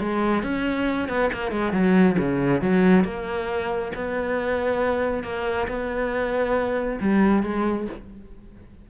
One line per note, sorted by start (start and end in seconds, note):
0.00 0.43 G#3
0.43 1.09 C#4
1.09 1.31 B3
1.33 1.52 A#3
1.52 1.73 G#3
1.73 2.16 F#3
2.18 2.62 C#3
2.62 3.04 F#3
3.04 3.92 A#3
3.96 5.24 B3
5.24 5.68 A#3
5.68 6.99 B3
7.01 7.43 G3
7.43 7.87 G#3